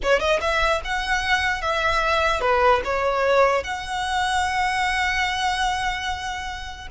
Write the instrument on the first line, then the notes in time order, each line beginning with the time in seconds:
violin
0.02 C#5
0.19 D#5
0.40 E5
0.84 F#5
1.61 E5
2.40 B4
2.84 C#5
3.63 F#5